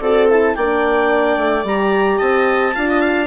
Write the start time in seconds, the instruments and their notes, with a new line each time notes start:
0.00 bassoon C4, horn F#4, viola A4, clarinet D5
0.29 horn E4, clarinet A5
0.55 bassoon A#3, horn D4, viola D5, clarinet G5
1.37 bassoon A3
1.63 bassoon G3, horn G4, clarinet A#5
2.17 bassoon C4, viola D#5, clarinet A5
2.74 bassoon D4, horn F4, viola F5
2.89 viola D#5
3.00 viola F5